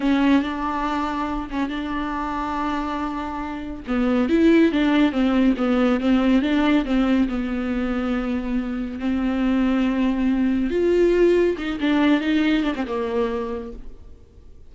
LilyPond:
\new Staff \with { instrumentName = "viola" } { \time 4/4 \tempo 4 = 140 cis'4 d'2~ d'8 cis'8 | d'1~ | d'4 b4 e'4 d'4 | c'4 b4 c'4 d'4 |
c'4 b2.~ | b4 c'2.~ | c'4 f'2 dis'8 d'8~ | d'8 dis'4 d'16 c'16 ais2 | }